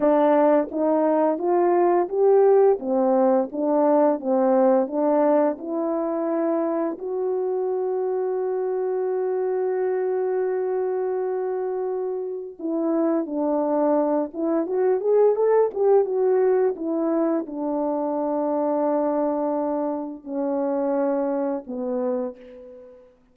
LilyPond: \new Staff \with { instrumentName = "horn" } { \time 4/4 \tempo 4 = 86 d'4 dis'4 f'4 g'4 | c'4 d'4 c'4 d'4 | e'2 fis'2~ | fis'1~ |
fis'2 e'4 d'4~ | d'8 e'8 fis'8 gis'8 a'8 g'8 fis'4 | e'4 d'2.~ | d'4 cis'2 b4 | }